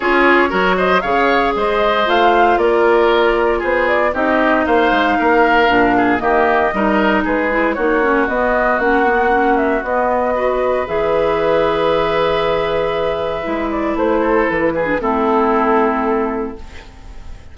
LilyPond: <<
  \new Staff \with { instrumentName = "flute" } { \time 4/4 \tempo 4 = 116 cis''4. dis''8 f''4 dis''4 | f''4 d''2 c''8 d''8 | dis''4 f''2. | dis''2 b'4 cis''4 |
dis''4 fis''4. e''8 dis''4~ | dis''4 e''2.~ | e''2~ e''8 d''8 c''4 | b'4 a'2. | }
  \new Staff \with { instrumentName = "oboe" } { \time 4/4 gis'4 ais'8 c''8 cis''4 c''4~ | c''4 ais'2 gis'4 | g'4 c''4 ais'4. gis'8 | g'4 ais'4 gis'4 fis'4~ |
fis'1 | b'1~ | b'2.~ b'8 a'8~ | a'8 gis'8 e'2. | }
  \new Staff \with { instrumentName = "clarinet" } { \time 4/4 f'4 fis'4 gis'2 | f'1 | dis'2. d'4 | ais4 dis'4. e'8 dis'8 cis'8 |
b4 cis'8 b8 cis'4 b4 | fis'4 gis'2.~ | gis'2 e'2~ | e'8. d'16 c'2. | }
  \new Staff \with { instrumentName = "bassoon" } { \time 4/4 cis'4 fis4 cis4 gis4 | a4 ais2 b4 | c'4 ais8 gis8 ais4 ais,4 | dis4 g4 gis4 ais4 |
b4 ais2 b4~ | b4 e2.~ | e2 gis4 a4 | e4 a2. | }
>>